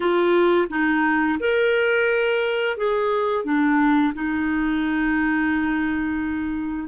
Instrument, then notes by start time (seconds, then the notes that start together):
clarinet
0.00 F4
0.69 D#4
1.39 A#4
2.77 G#4
3.44 D4
4.14 D#4